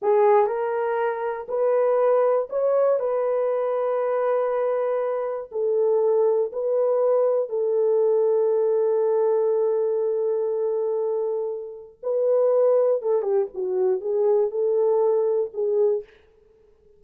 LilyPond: \new Staff \with { instrumentName = "horn" } { \time 4/4 \tempo 4 = 120 gis'4 ais'2 b'4~ | b'4 cis''4 b'2~ | b'2. a'4~ | a'4 b'2 a'4~ |
a'1~ | a'1 | b'2 a'8 g'8 fis'4 | gis'4 a'2 gis'4 | }